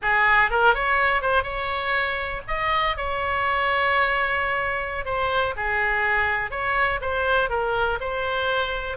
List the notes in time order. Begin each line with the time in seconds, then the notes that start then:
0.02 G#4
0.50 A#4
0.74 C#5
1.21 C5
1.43 C#5
2.47 D#5
2.96 C#5
5.05 C5
5.56 G#4
6.51 C#5
7.01 C5
7.49 A#4
8.00 C5